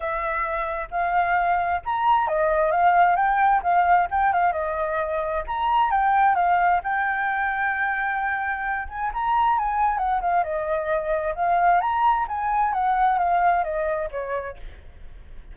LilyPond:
\new Staff \with { instrumentName = "flute" } { \time 4/4 \tempo 4 = 132 e''2 f''2 | ais''4 dis''4 f''4 g''4 | f''4 g''8 f''8 dis''2 | ais''4 g''4 f''4 g''4~ |
g''2.~ g''8 gis''8 | ais''4 gis''4 fis''8 f''8 dis''4~ | dis''4 f''4 ais''4 gis''4 | fis''4 f''4 dis''4 cis''4 | }